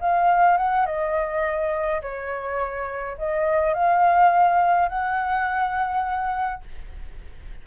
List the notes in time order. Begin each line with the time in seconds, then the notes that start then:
0.00 F5
0.57 F#5
0.86 D#5
2.02 C#5
3.18 D#5
3.74 F5
4.89 F#5